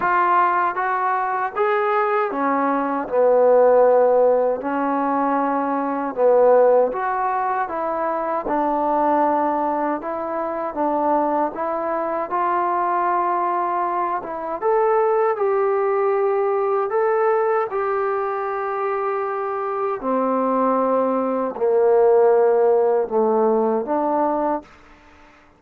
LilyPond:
\new Staff \with { instrumentName = "trombone" } { \time 4/4 \tempo 4 = 78 f'4 fis'4 gis'4 cis'4 | b2 cis'2 | b4 fis'4 e'4 d'4~ | d'4 e'4 d'4 e'4 |
f'2~ f'8 e'8 a'4 | g'2 a'4 g'4~ | g'2 c'2 | ais2 a4 d'4 | }